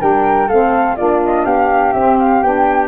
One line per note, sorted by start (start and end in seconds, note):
0.00 0.49 G3
0.00 0.48 D4
0.00 0.47 A#4
0.00 0.49 G5
0.47 0.98 A3
0.47 0.98 C4
0.47 0.96 A4
0.47 0.96 F5
0.96 1.46 A#3
0.96 1.95 D4
0.96 1.46 F4
0.96 1.21 D5
1.25 1.45 D#5
1.45 1.94 B3
1.45 2.88 G4
1.45 1.93 F5
1.93 2.43 C4
1.93 2.44 C4
1.93 2.18 E5
2.19 2.43 F5
2.43 2.88 B3
2.43 2.88 D4
2.43 2.88 G5